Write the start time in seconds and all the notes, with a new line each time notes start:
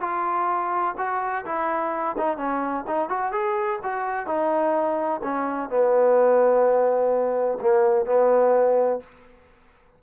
0.00 F4
0.97 F#4
1.45 E4
2.17 D#4
2.37 C#4
2.87 D#4
3.09 F#4
3.32 G#4
3.83 F#4
4.26 D#4
5.23 C#4
5.69 B3
7.61 A#3
8.05 B3